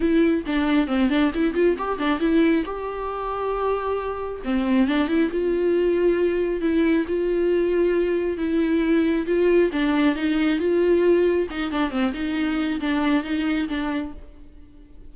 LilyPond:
\new Staff \with { instrumentName = "viola" } { \time 4/4 \tempo 4 = 136 e'4 d'4 c'8 d'8 e'8 f'8 | g'8 d'8 e'4 g'2~ | g'2 c'4 d'8 e'8 | f'2. e'4 |
f'2. e'4~ | e'4 f'4 d'4 dis'4 | f'2 dis'8 d'8 c'8 dis'8~ | dis'4 d'4 dis'4 d'4 | }